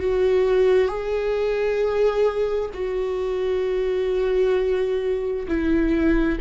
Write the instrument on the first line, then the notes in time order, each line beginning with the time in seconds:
viola
0.00 F#4
0.88 G#4
2.74 F#4
5.48 E4